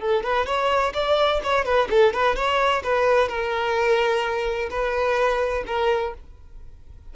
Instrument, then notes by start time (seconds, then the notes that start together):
violin
0.00 A4
0.23 B4
0.46 C#5
0.94 D5
1.43 C#5
1.65 B4
1.90 A4
2.14 B4
2.36 C#5
2.84 B4
3.29 A#4
4.70 B4
5.67 A#4